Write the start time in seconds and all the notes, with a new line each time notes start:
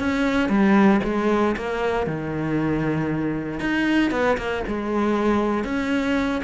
0.00 C#4
0.49 G3
1.04 G#3
1.57 A#3
2.07 D#3
3.60 D#4
4.11 B3
4.38 A#3
4.68 G#3
5.65 C#4